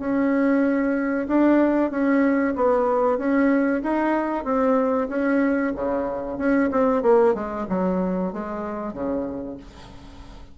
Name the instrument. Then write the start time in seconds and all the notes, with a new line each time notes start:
bassoon
0.00 C#4
1.28 D4
1.91 C#4
2.56 B3
3.19 C#4
3.83 D#4
4.45 C4
5.09 C#4
5.76 C#3
6.38 C#4
6.72 C4
7.03 A#3
7.35 G#3
7.69 F#3
8.33 G#3
8.94 C#3